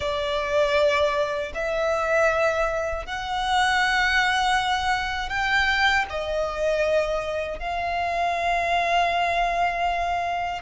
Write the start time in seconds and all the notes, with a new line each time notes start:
0.00 D5
1.54 E5
3.06 F#5
5.29 G5
6.09 D#5
7.59 F5